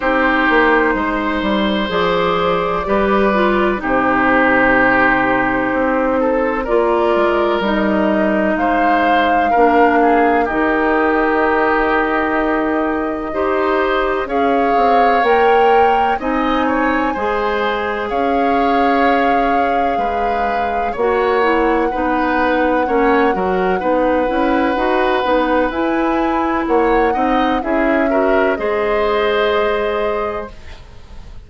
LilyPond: <<
  \new Staff \with { instrumentName = "flute" } { \time 4/4 \tempo 4 = 63 c''2 d''2 | c''2. d''4 | dis''4 f''2 dis''4~ | dis''2. f''4 |
g''4 gis''2 f''4~ | f''2 fis''2~ | fis''2. gis''4 | fis''4 e''4 dis''2 | }
  \new Staff \with { instrumentName = "oboe" } { \time 4/4 g'4 c''2 b'4 | g'2~ g'8 a'8 ais'4~ | ais'4 c''4 ais'8 gis'8 g'4~ | g'2 c''4 cis''4~ |
cis''4 dis''8 cis''8 c''4 cis''4~ | cis''4 b'4 cis''4 b'4 | cis''8 ais'8 b'2. | cis''8 dis''8 gis'8 ais'8 c''2 | }
  \new Staff \with { instrumentName = "clarinet" } { \time 4/4 dis'2 gis'4 g'8 f'8 | dis'2. f'4 | dis'2 d'4 dis'4~ | dis'2 g'4 gis'4 |
ais'4 dis'4 gis'2~ | gis'2 fis'8 e'8 dis'4 | cis'8 fis'8 dis'8 e'8 fis'8 dis'8 e'4~ | e'8 dis'8 e'8 fis'8 gis'2 | }
  \new Staff \with { instrumentName = "bassoon" } { \time 4/4 c'8 ais8 gis8 g8 f4 g4 | c2 c'4 ais8 gis8 | g4 gis4 ais4 dis4~ | dis2 dis'4 cis'8 c'8 |
ais4 c'4 gis4 cis'4~ | cis'4 gis4 ais4 b4 | ais8 fis8 b8 cis'8 dis'8 b8 e'4 | ais8 c'8 cis'4 gis2 | }
>>